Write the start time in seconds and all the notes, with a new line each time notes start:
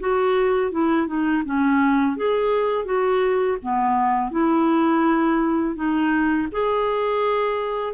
0.00 F#4
0.71 E4
1.07 D#4
1.45 C#4
2.17 G#4
2.85 F#4
3.62 B3
4.31 E4
5.75 D#4
6.52 G#4